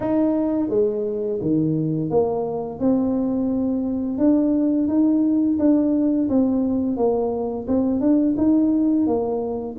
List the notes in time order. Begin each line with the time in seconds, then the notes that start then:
0.00 D#4
0.69 G#3
1.41 D#3
2.09 A#3
2.79 C4
4.18 D4
4.88 D#4
5.58 D4
6.29 C4
6.96 A#3
7.67 C4
8.00 D4
8.37 D#4
9.06 A#3